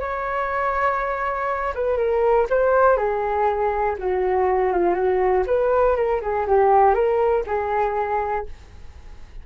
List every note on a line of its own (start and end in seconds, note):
0.00 1.74 C#5
1.74 1.97 B4
1.97 2.46 A#4
2.50 2.97 C5
2.97 3.96 G#4
3.98 4.72 F#4
4.72 4.94 F4
4.94 5.43 F#4
5.46 5.96 B4
5.96 6.21 A#4
6.21 6.46 G#4
6.47 6.94 G4
6.94 7.44 A#4
7.46 8.45 G#4